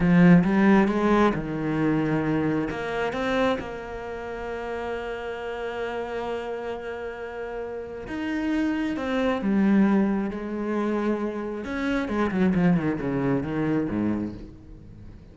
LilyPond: \new Staff \with { instrumentName = "cello" } { \time 4/4 \tempo 4 = 134 f4 g4 gis4 dis4~ | dis2 ais4 c'4 | ais1~ | ais1~ |
ais2 dis'2 | c'4 g2 gis4~ | gis2 cis'4 gis8 fis8 | f8 dis8 cis4 dis4 gis,4 | }